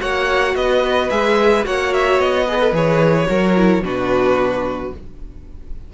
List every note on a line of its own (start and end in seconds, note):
0.00 0.55 A#3
0.00 1.09 F#4
0.00 0.55 C#5
0.00 0.56 F#5
0.55 1.09 B3
0.55 1.66 B4
0.55 1.10 D#5
1.10 1.66 G#3
1.10 1.64 G#4
1.10 1.65 E5
1.64 2.19 A#3
1.64 2.46 F#4
1.64 2.46 C#5
1.64 1.94 F#5
1.94 2.20 E5
2.19 2.72 B3
2.19 2.75 D#5
2.46 2.60 G#4
2.46 3.28 B4
2.60 2.73 A4
2.72 3.27 E3
2.72 3.27 G#4
2.72 3.85 C#5
3.27 3.82 F#3
3.27 3.54 F#4
3.27 3.84 A#4
3.57 3.83 E4
3.82 4.91 B2
3.82 4.92 D4
3.82 4.93 F#4
3.82 4.94 B4